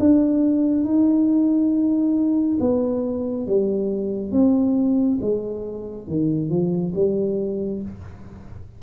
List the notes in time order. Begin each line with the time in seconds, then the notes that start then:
0.00 D4
0.85 D#4
2.60 B3
3.47 G3
4.32 C4
5.22 G#3
6.08 D#3
6.50 F3
6.95 G3